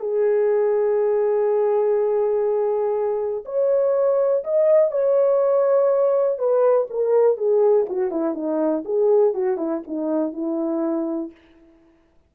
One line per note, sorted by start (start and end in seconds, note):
0.00 3.44 G#4
3.45 4.44 C#5
4.44 4.91 D#5
4.91 6.38 C#5
6.38 6.88 B4
6.90 7.37 A#4
7.37 7.87 G#4
7.89 8.11 F#4
8.11 8.35 E4
8.35 8.84 D#4
8.85 9.34 G#4
9.34 9.57 F#4
9.57 9.82 E4
9.87 10.33 D#4
10.33 11.31 E4